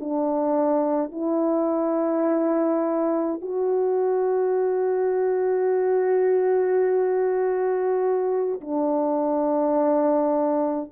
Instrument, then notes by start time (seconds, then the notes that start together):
horn
0.00 D4
1.12 E4
3.41 F#4
8.62 D4